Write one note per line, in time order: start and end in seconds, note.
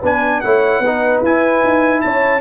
0.00 0.43 B3
0.00 0.44 D4
0.00 0.40 B4
0.00 0.40 G#5
0.40 0.80 A3
0.40 0.84 E4
0.40 0.81 C#5
0.40 1.21 F#5
0.80 1.20 B3
0.80 2.02 B4
0.86 1.25 D#4
1.22 1.62 E4
1.22 2.41 E4
1.22 2.01 G#5
1.64 2.04 D#4
2.01 2.41 C#4
2.01 2.41 C#5
2.01 2.41 A5